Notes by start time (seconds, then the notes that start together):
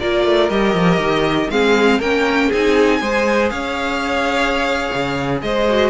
0.00 A#3 F4 A#4 D5
0.25 A3
0.50 G3 G4 D#5
0.74 F3
0.98 D#3
1.50 G#3 C4 G#4 F5
1.99 A#3 C#4 A#4 G5
2.48 C4 D#4 G#4 G#5
3.01 G#3 G#4 C5
3.49 C#4 C#5 F5
4.93 C#3
5.42 G#3 C5 D#5
5.69 F#4